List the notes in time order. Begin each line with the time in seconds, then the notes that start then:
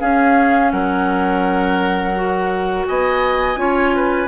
0.00 C#4 G#4 F5
0.72 F#3 A#4 F#5
2.15 F#4
2.87 B3 D#5 G#5
3.56 C#4 F4 C#5
3.96 B4